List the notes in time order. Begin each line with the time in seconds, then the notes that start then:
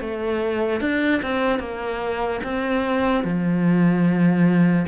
0.00 A3
0.81 D4
1.22 C4
1.59 A#3
2.44 C4
3.24 F3